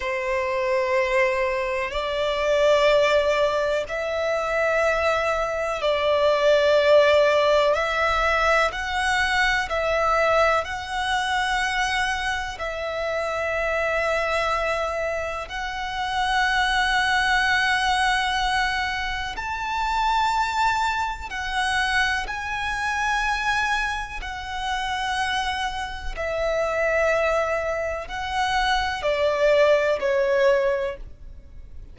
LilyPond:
\new Staff \with { instrumentName = "violin" } { \time 4/4 \tempo 4 = 62 c''2 d''2 | e''2 d''2 | e''4 fis''4 e''4 fis''4~ | fis''4 e''2. |
fis''1 | a''2 fis''4 gis''4~ | gis''4 fis''2 e''4~ | e''4 fis''4 d''4 cis''4 | }